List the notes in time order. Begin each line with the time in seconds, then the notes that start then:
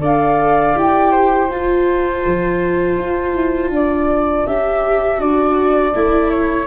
0.00 D4 A4 D5 F5
0.74 E4 G4 G5
1.11 C5
1.49 F4 A5
2.26 F3
2.97 F4
3.33 E4
3.69 D4 D5
4.46 C#4 G4 E5
5.17 D4 F#4 D5
5.94 A3 E4
6.31 C#5